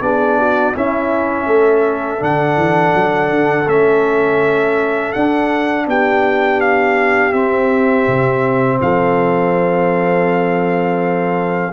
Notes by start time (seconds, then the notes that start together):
0.00 B3 D4 G#4 D5
0.39 F#4
0.75 C#4 E4 E5
1.45 A3 A4
2.18 D3 D4 F#5
2.56 E3
2.94 F#3
3.29 D3
3.66 A3 C#4 E5
5.12 D4 F#5
5.86 B3 G4 G5
6.60 F5
7.32 C4 E5
8.07 C3
8.81 F3 A4 F5